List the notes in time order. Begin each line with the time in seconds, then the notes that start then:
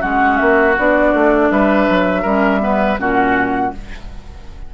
0.00 G#3 C#4 F#4 F#5
0.37 A#3 E5
0.78 B3 D4 D5
1.13 A3
1.51 G3 B4 E5
1.89 F#3
2.22 G3 C#4 A#4
2.60 B3 B4
2.98 A#2 C#4 F#4 F#5